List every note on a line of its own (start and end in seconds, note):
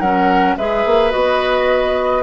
0.00 0.56 F#3
0.00 0.59 C#4
0.00 0.56 A#4
0.00 0.56 F#5
0.57 0.85 G#3
0.57 1.11 G#4
0.57 2.23 B4
0.57 1.12 E5
0.86 1.13 A#3
1.11 2.23 B3
1.11 2.22 F#4
1.11 2.23 D#5